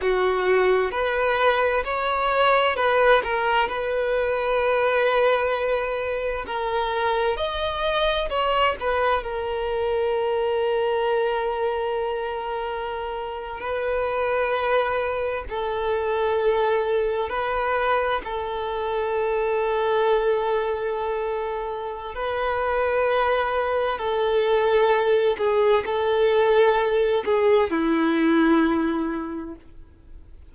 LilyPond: \new Staff \with { instrumentName = "violin" } { \time 4/4 \tempo 4 = 65 fis'4 b'4 cis''4 b'8 ais'8 | b'2. ais'4 | dis''4 cis''8 b'8 ais'2~ | ais'2~ ais'8. b'4~ b'16~ |
b'8. a'2 b'4 a'16~ | a'1 | b'2 a'4. gis'8 | a'4. gis'8 e'2 | }